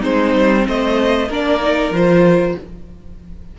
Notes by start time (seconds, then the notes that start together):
0.00 G#3 C4 D#4 C5
0.35 G3
0.68 A3 C5 D#5
1.28 A#3 D4 A#4 D5
1.61 D#4
1.91 F3 F4 C5